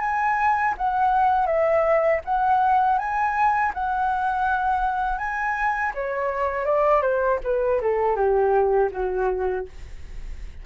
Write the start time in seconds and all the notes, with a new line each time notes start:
0.00 G#5
0.77 F#5
1.46 E5
2.25 F#5
2.98 G#5
3.74 F#5
5.18 G#5
5.94 C#5
6.65 D5
7.02 C5
7.43 B4
7.81 A4
8.16 G4
8.91 F#4